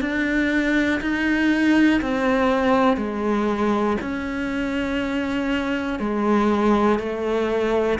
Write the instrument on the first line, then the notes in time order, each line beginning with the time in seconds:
cello
0.00 D4
1.00 D#4
2.01 C4
2.97 G#3
4.00 C#4
5.99 G#3
6.99 A3